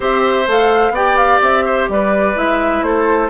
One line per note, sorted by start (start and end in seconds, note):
0.00 0.47 C4
0.00 0.46 G4
0.00 0.92 C5
0.00 0.49 E5
0.47 0.90 A3
0.47 0.94 A4
0.47 0.95 F5
0.90 1.37 B3
0.90 2.35 G4
0.90 1.65 D5
0.90 1.17 G5
1.17 1.41 F5
1.41 1.88 C4
1.41 1.89 E5
1.65 1.88 C5
1.88 2.36 G3
1.88 2.85 B4
1.88 2.37 D5
2.35 2.82 G#3
2.35 3.29 E4
2.35 2.83 E5
2.82 3.29 A3
2.82 3.29 A4
2.82 3.29 C5